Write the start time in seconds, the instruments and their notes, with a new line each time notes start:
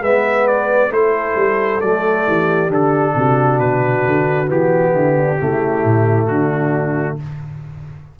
0.00 tuba G#3, trombone B3, horn B4, trumpet E5
0.48 trumpet D5
0.90 tuba A3, trombone E4, horn A4, trumpet C5
1.36 tuba G3
1.81 tuba F#3, trombone A3, trumpet D5
2.27 tuba E3, horn G4
2.69 tuba D3, trombone D4, trumpet A4
3.15 tuba C3, horn F#4
3.60 tuba B2, trumpet B4
4.06 tuba D3
4.47 tuba E3, trombone B3, trumpet G4
4.94 tuba D3, horn E4
5.17 horn D4
5.39 tuba C#3, trombone A3, horn E4
5.85 tuba A2
6.27 tuba D3, horn D4, trumpet F#4